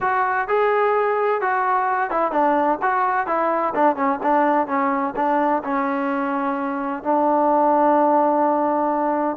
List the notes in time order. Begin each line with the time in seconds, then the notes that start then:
0.01 F#4
0.48 G#4
1.41 F#4
2.10 E4
2.31 D4
2.81 F#4
3.26 E4
3.74 D4
3.95 C#4
4.22 D4
4.67 C#4
5.16 D4
5.63 C#4
7.03 D4